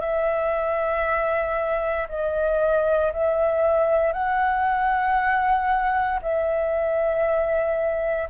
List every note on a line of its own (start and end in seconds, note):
0.00 2.07 E5
2.08 3.12 D#5
3.13 4.12 E5
4.12 6.19 F#5
6.22 8.29 E5